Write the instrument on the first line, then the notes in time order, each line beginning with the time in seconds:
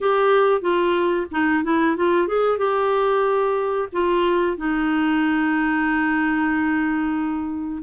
clarinet
0.00 G4
0.61 F4
1.31 D#4
1.63 E4
1.96 F4
2.27 G#4
2.58 G4
3.92 F4
4.57 D#4